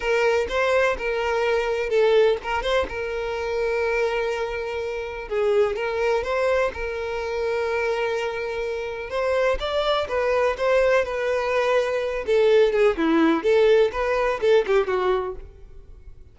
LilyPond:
\new Staff \with { instrumentName = "violin" } { \time 4/4 \tempo 4 = 125 ais'4 c''4 ais'2 | a'4 ais'8 c''8 ais'2~ | ais'2. gis'4 | ais'4 c''4 ais'2~ |
ais'2. c''4 | d''4 b'4 c''4 b'4~ | b'4. a'4 gis'8 e'4 | a'4 b'4 a'8 g'8 fis'4 | }